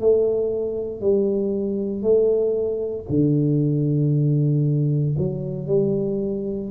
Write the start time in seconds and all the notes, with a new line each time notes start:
0.00 A3
1.01 G3
2.02 A3
3.09 D3
5.18 F#3
5.67 G3